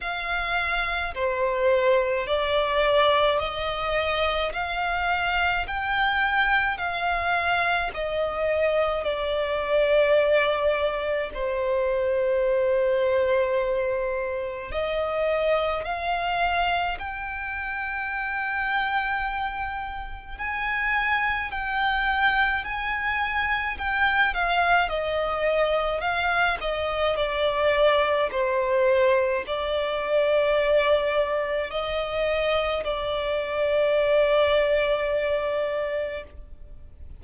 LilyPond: \new Staff \with { instrumentName = "violin" } { \time 4/4 \tempo 4 = 53 f''4 c''4 d''4 dis''4 | f''4 g''4 f''4 dis''4 | d''2 c''2~ | c''4 dis''4 f''4 g''4~ |
g''2 gis''4 g''4 | gis''4 g''8 f''8 dis''4 f''8 dis''8 | d''4 c''4 d''2 | dis''4 d''2. | }